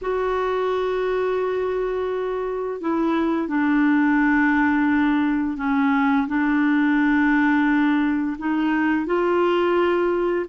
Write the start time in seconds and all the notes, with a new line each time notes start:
0.01 F#4
2.80 E4
3.48 D4
5.57 C#4
6.27 D4
8.38 D#4
9.06 F4